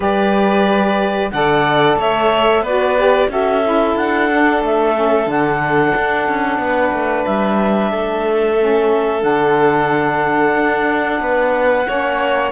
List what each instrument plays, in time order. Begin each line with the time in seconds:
0.00 cello G3, saxophone G4, violin B4, clarinet D5
1.31 cello D3, saxophone A4, violin D5, clarinet F#5
1.96 cello A3, violin C#5, clarinet E5
2.61 cello B3, saxophone F#4, violin B4, clarinet D5
2.97 saxophone G4
3.28 cello C#4, saxophone F#4, violin A4, clarinet E5
3.63 saxophone E4
3.95 cello D4, clarinet F#5
4.31 saxophone D4
4.61 cello A3, clarinet E5
4.94 saxophone C#4
5.25 cello D3, saxophone D4, clarinet F#5
5.96 cello D4
6.28 cello C#4
6.58 cello B3, violin B4
6.92 cello A3
7.25 cello G3, clarinet E5
7.91 cello A3, violin A4
8.59 saxophone C#4
9.20 cello D3, saxophone D4, clarinet F#5
10.55 cello D4
11.20 cello B3, violin B4
11.85 cello A#3, saxophone C#4, violin C#5